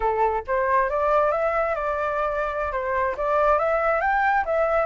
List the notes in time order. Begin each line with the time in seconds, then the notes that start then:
0.00 A4
0.47 C5
0.89 D5
1.31 E5
1.75 D5
2.72 C5
3.17 D5
3.58 E5
4.01 G5
4.45 E5